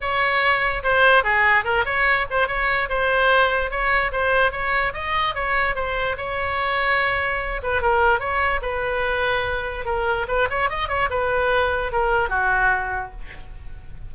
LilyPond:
\new Staff \with { instrumentName = "oboe" } { \time 4/4 \tempo 4 = 146 cis''2 c''4 gis'4 | ais'8 cis''4 c''8 cis''4 c''4~ | c''4 cis''4 c''4 cis''4 | dis''4 cis''4 c''4 cis''4~ |
cis''2~ cis''8 b'8 ais'4 | cis''4 b'2. | ais'4 b'8 cis''8 dis''8 cis''8 b'4~ | b'4 ais'4 fis'2 | }